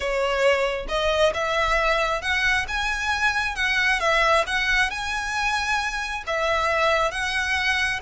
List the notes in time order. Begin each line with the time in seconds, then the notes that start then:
0.00 C#5
0.88 D#5
1.34 E5
2.21 F#5
2.67 G#5
3.55 F#5
4.00 E5
4.46 F#5
4.90 G#5
6.26 E5
7.11 F#5